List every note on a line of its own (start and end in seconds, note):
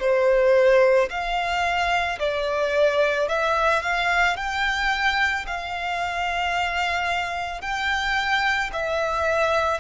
0.00 1.09 C5
1.10 2.19 F5
2.19 3.28 D5
3.28 3.82 E5
3.82 4.36 F5
4.36 5.45 G5
5.46 7.62 F5
7.62 8.71 G5
8.73 9.80 E5